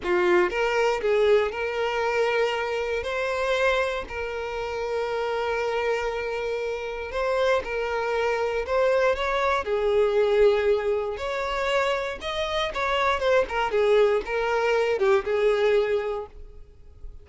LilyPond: \new Staff \with { instrumentName = "violin" } { \time 4/4 \tempo 4 = 118 f'4 ais'4 gis'4 ais'4~ | ais'2 c''2 | ais'1~ | ais'2 c''4 ais'4~ |
ais'4 c''4 cis''4 gis'4~ | gis'2 cis''2 | dis''4 cis''4 c''8 ais'8 gis'4 | ais'4. g'8 gis'2 | }